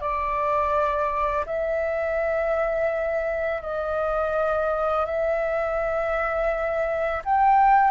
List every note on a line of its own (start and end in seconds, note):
0.00 1.45 D5
1.46 3.61 E5
3.61 5.05 D#5
5.05 7.22 E5
7.25 7.91 G5